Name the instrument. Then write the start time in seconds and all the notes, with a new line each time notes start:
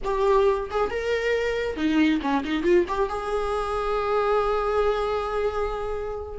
viola
0.03 G4
0.70 G#4
0.89 A#4
1.76 D#4
2.21 C#4
2.44 D#4
2.63 F4
2.88 G4
3.09 G#4